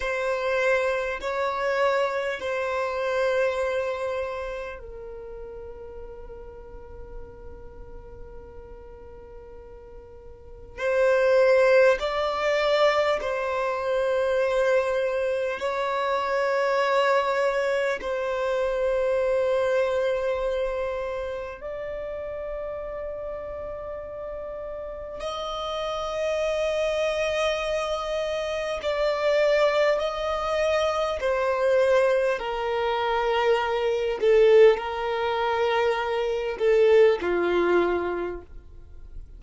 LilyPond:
\new Staff \with { instrumentName = "violin" } { \time 4/4 \tempo 4 = 50 c''4 cis''4 c''2 | ais'1~ | ais'4 c''4 d''4 c''4~ | c''4 cis''2 c''4~ |
c''2 d''2~ | d''4 dis''2. | d''4 dis''4 c''4 ais'4~ | ais'8 a'8 ais'4. a'8 f'4 | }